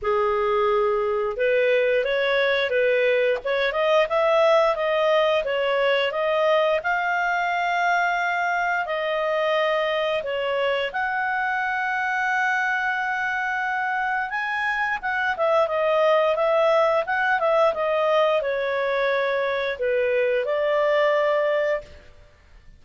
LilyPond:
\new Staff \with { instrumentName = "clarinet" } { \time 4/4 \tempo 4 = 88 gis'2 b'4 cis''4 | b'4 cis''8 dis''8 e''4 dis''4 | cis''4 dis''4 f''2~ | f''4 dis''2 cis''4 |
fis''1~ | fis''4 gis''4 fis''8 e''8 dis''4 | e''4 fis''8 e''8 dis''4 cis''4~ | cis''4 b'4 d''2 | }